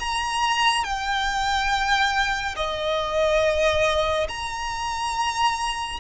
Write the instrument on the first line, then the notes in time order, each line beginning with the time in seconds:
violin
0.00 A#5
0.84 G5
2.57 D#5
4.29 A#5